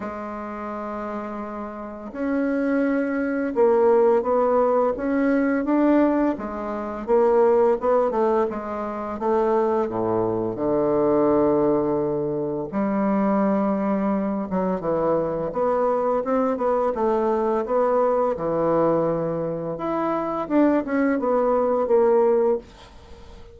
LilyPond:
\new Staff \with { instrumentName = "bassoon" } { \time 4/4 \tempo 4 = 85 gis2. cis'4~ | cis'4 ais4 b4 cis'4 | d'4 gis4 ais4 b8 a8 | gis4 a4 a,4 d4~ |
d2 g2~ | g8 fis8 e4 b4 c'8 b8 | a4 b4 e2 | e'4 d'8 cis'8 b4 ais4 | }